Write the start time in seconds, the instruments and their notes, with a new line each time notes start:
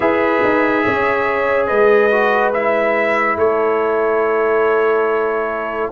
0.00 tuba E4, trombone G#4, horn B4, trumpet E5
0.43 tuba D#4
0.84 tuba C#4, horn C#5
1.66 tuba G#3, horn B4, trumpet D#5
2.11 trombone F#4
2.53 trombone E4, trumpet E5
3.36 tuba A3, horn A4, trumpet C#5